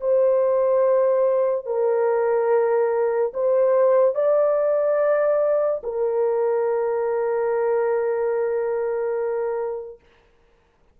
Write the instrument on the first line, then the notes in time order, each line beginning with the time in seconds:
horn
0.00 C5
1.66 A#4
3.34 C5
4.15 D5
5.83 A#4